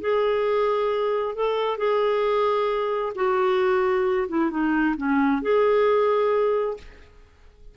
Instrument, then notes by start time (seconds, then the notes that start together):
clarinet
0.00 G#4
1.35 A4
1.77 G#4
3.15 F#4
4.28 E4
4.50 D#4
4.96 C#4
5.42 G#4